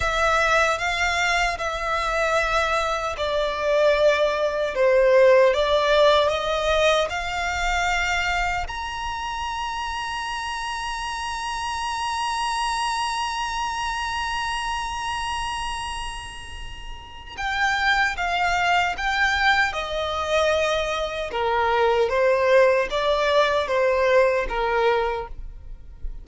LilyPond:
\new Staff \with { instrumentName = "violin" } { \time 4/4 \tempo 4 = 76 e''4 f''4 e''2 | d''2 c''4 d''4 | dis''4 f''2 ais''4~ | ais''1~ |
ais''1~ | ais''2 g''4 f''4 | g''4 dis''2 ais'4 | c''4 d''4 c''4 ais'4 | }